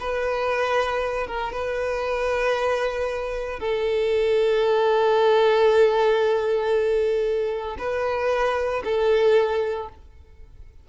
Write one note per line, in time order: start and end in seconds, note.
0.00 1.27 B4
1.27 1.52 A#4
1.52 3.60 B4
3.60 7.77 A4
7.79 8.83 B4
8.85 9.89 A4